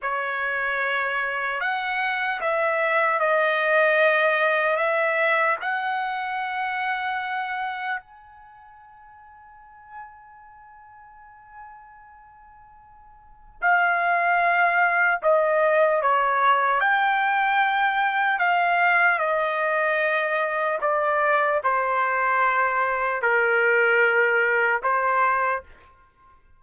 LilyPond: \new Staff \with { instrumentName = "trumpet" } { \time 4/4 \tempo 4 = 75 cis''2 fis''4 e''4 | dis''2 e''4 fis''4~ | fis''2 gis''2~ | gis''1~ |
gis''4 f''2 dis''4 | cis''4 g''2 f''4 | dis''2 d''4 c''4~ | c''4 ais'2 c''4 | }